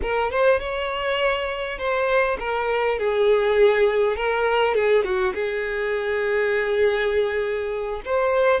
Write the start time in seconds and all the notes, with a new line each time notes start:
0.02 A#4
0.31 C5
0.59 C#5
1.78 C5
2.39 A#4
2.98 G#4
4.16 A#4
4.74 G#4
5.04 F#4
5.34 G#4
8.05 C5